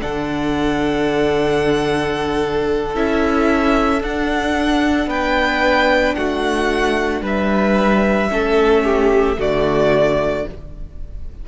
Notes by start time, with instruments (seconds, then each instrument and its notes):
0.00 cello D3, viola D4, violin A4 F#5
2.95 cello C#4, viola E4, violin E5
4.00 viola D4, cello D4, violin F#5
5.07 cello B3, violin B4 G5
6.15 cello A3, violin F#4 F#5
7.22 cello G3, violin B4 E5
8.29 cello A3, viola C#4, violin A4
8.84 violin G4
9.37 cello D3, viola A3, violin F#4 D5